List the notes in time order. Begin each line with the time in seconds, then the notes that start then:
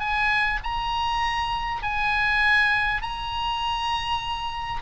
0.00 G#5
0.64 A#5
1.83 G#5
3.02 A#5